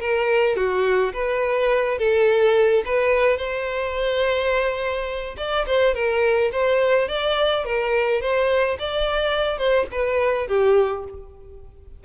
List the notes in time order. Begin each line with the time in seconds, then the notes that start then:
0.00 A#4
0.56 F#4
1.13 B4
1.98 A4
2.85 B4
3.37 C5
5.37 D5
5.66 C5
5.94 A#4
6.52 C5
7.08 D5
7.65 A#4
8.21 C5
8.79 D5
9.58 C5
9.91 B4
10.47 G4